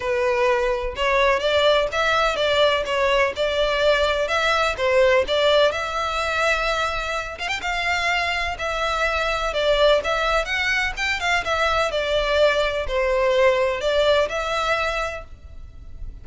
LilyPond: \new Staff \with { instrumentName = "violin" } { \time 4/4 \tempo 4 = 126 b'2 cis''4 d''4 | e''4 d''4 cis''4 d''4~ | d''4 e''4 c''4 d''4 | e''2.~ e''8 f''16 g''16 |
f''2 e''2 | d''4 e''4 fis''4 g''8 f''8 | e''4 d''2 c''4~ | c''4 d''4 e''2 | }